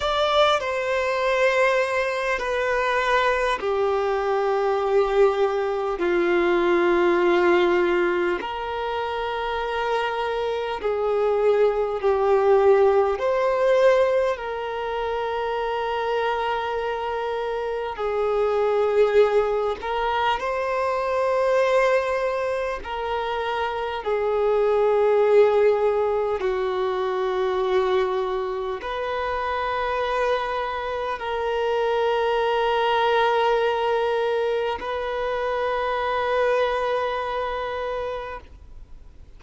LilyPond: \new Staff \with { instrumentName = "violin" } { \time 4/4 \tempo 4 = 50 d''8 c''4. b'4 g'4~ | g'4 f'2 ais'4~ | ais'4 gis'4 g'4 c''4 | ais'2. gis'4~ |
gis'8 ais'8 c''2 ais'4 | gis'2 fis'2 | b'2 ais'2~ | ais'4 b'2. | }